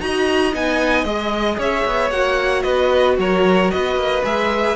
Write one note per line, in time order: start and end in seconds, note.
0.00 0.53 D#4
0.00 0.53 F#4
0.00 1.58 D#5
0.00 0.53 A#5
0.53 1.04 B3
0.53 1.06 D#4
0.53 1.05 G#5
1.04 1.57 G#3
1.04 2.12 G#4
1.04 1.58 D#5
1.58 1.84 C#4
1.58 2.64 C#5
1.58 2.10 E5
1.85 2.11 B3
2.10 2.64 A#3
2.10 4.24 F#4
2.10 2.62 F#5
2.62 3.18 B3
2.62 3.17 B4
2.62 3.16 D#5
3.18 3.71 F#3
3.18 3.73 A#4
3.18 3.71 C#5
3.71 3.96 B3
3.71 4.76 B4
3.71 4.24 D#5
3.96 4.22 A#3
4.24 4.76 G#3
4.24 4.76 G#4
4.24 4.76 E5